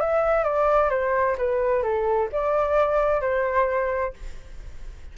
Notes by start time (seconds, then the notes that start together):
0.00 E5
0.43 D5
0.90 C5
1.38 B4
1.82 A4
2.32 D5
3.21 C5